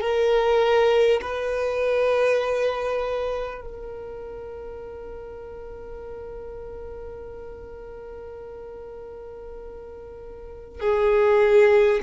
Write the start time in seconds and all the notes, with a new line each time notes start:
0.00 A#4
1.21 B4
3.61 A#4
10.80 G#4